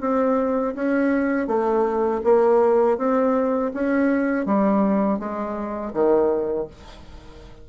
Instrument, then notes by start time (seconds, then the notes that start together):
bassoon
0.00 C4
0.75 C#4
1.47 A3
2.24 A#3
2.97 C4
3.73 C#4
4.45 G3
5.19 G#3
5.93 D#3